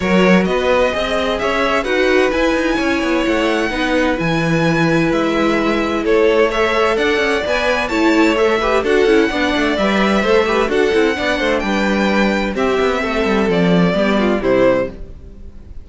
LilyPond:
<<
  \new Staff \with { instrumentName = "violin" } { \time 4/4 \tempo 4 = 129 cis''4 dis''2 e''4 | fis''4 gis''2 fis''4~ | fis''4 gis''2 e''4~ | e''4 cis''4 e''4 fis''4 |
gis''4 a''4 e''4 fis''4~ | fis''4 e''2 fis''4~ | fis''4 g''2 e''4~ | e''4 d''2 c''4 | }
  \new Staff \with { instrumentName = "violin" } { \time 4/4 ais'4 b'4 dis''4 cis''4 | b'2 cis''2 | b'1~ | b'4 a'4 cis''4 d''4~ |
d''4 cis''4. b'8 a'4 | d''2 c''8 b'8 a'4 | d''8 c''8 b'2 g'4 | a'2 g'8 f'8 e'4 | }
  \new Staff \with { instrumentName = "viola" } { \time 4/4 fis'2 gis'2 | fis'4 e'2. | dis'4 e'2.~ | e'2 a'2 |
b'4 e'4 a'8 g'8 fis'8 e'8 | d'4 b'4 a'8 g'8 fis'8 e'8 | d'2. c'4~ | c'2 b4 g4 | }
  \new Staff \with { instrumentName = "cello" } { \time 4/4 fis4 b4 c'4 cis'4 | dis'4 e'8 dis'8 cis'8 b8 a4 | b4 e2 gis4~ | gis4 a2 d'8 cis'8 |
b4 a2 d'8 cis'8 | b8 a8 g4 a4 d'8 c'8 | b8 a8 g2 c'8 b8 | a8 g8 f4 g4 c4 | }
>>